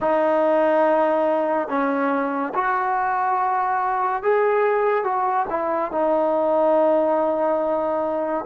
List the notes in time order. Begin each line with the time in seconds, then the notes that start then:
0.00 D#4
1.68 C#4
2.54 F#4
4.23 G#4
5.04 F#4
5.49 E4
5.91 D#4